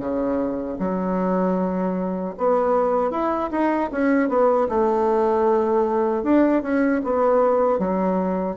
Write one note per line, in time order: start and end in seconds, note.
0.00 0.78 C#3
0.79 2.35 F#3
2.38 3.11 B3
3.11 3.50 E4
3.51 3.90 D#4
3.92 4.29 C#4
4.29 4.68 B3
4.69 6.23 A3
6.23 6.62 D4
6.63 7.02 C#4
7.04 7.79 B3
7.79 8.57 F#3